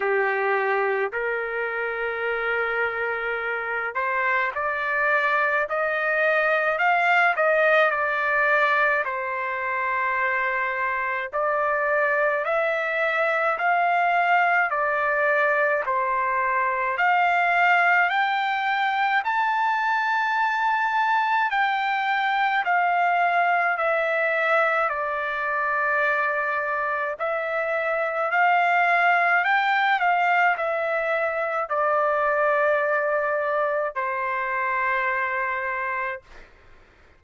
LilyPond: \new Staff \with { instrumentName = "trumpet" } { \time 4/4 \tempo 4 = 53 g'4 ais'2~ ais'8 c''8 | d''4 dis''4 f''8 dis''8 d''4 | c''2 d''4 e''4 | f''4 d''4 c''4 f''4 |
g''4 a''2 g''4 | f''4 e''4 d''2 | e''4 f''4 g''8 f''8 e''4 | d''2 c''2 | }